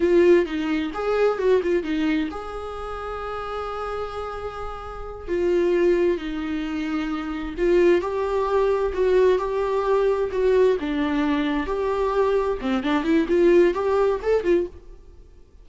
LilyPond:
\new Staff \with { instrumentName = "viola" } { \time 4/4 \tempo 4 = 131 f'4 dis'4 gis'4 fis'8 f'8 | dis'4 gis'2.~ | gis'2.~ gis'8 f'8~ | f'4. dis'2~ dis'8~ |
dis'8 f'4 g'2 fis'8~ | fis'8 g'2 fis'4 d'8~ | d'4. g'2 c'8 | d'8 e'8 f'4 g'4 a'8 f'8 | }